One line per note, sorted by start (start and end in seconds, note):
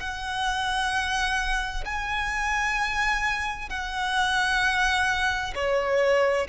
0.00 1.85 F#5
1.85 3.70 G#5
3.70 5.54 F#5
5.55 6.47 C#5